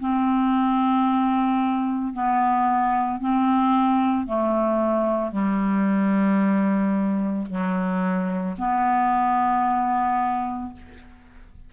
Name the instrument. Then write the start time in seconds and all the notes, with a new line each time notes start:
clarinet
0.00 C4
2.13 B3
3.20 C4
4.27 A3
5.32 G3
7.49 F#3
8.59 B3